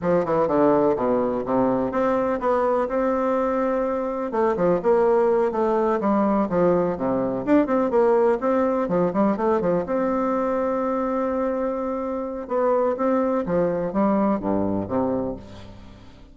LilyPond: \new Staff \with { instrumentName = "bassoon" } { \time 4/4 \tempo 4 = 125 f8 e8 d4 b,4 c4 | c'4 b4 c'2~ | c'4 a8 f8 ais4. a8~ | a8 g4 f4 c4 d'8 |
c'8 ais4 c'4 f8 g8 a8 | f8 c'2.~ c'8~ | c'2 b4 c'4 | f4 g4 g,4 c4 | }